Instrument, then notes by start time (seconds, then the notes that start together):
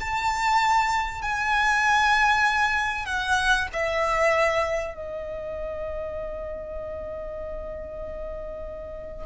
violin
0.00 A5
1.22 G#5
3.06 F#5
3.73 E5
4.95 D#5